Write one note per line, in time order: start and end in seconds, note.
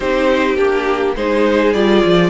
0.00 0.57 C4
0.00 0.56 D#4
0.00 1.15 G4
0.00 0.56 C5
0.56 1.15 A#3
0.56 1.15 D4
0.56 1.14 G4
1.16 1.74 G#3
1.16 1.74 D#4
1.16 2.30 G#4
1.16 1.73 C5
1.73 2.03 G3
1.73 2.30 F4
1.73 2.30 D5
2.04 2.30 F3